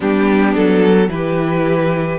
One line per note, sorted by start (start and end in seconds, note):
0.00 0.55 G3
0.00 1.09 B3
0.00 1.06 D4
0.00 0.54 G4
0.54 1.08 F#3
0.54 1.09 A4
1.08 2.17 E3
1.08 2.18 E4
1.08 2.18 G4
1.08 2.18 B4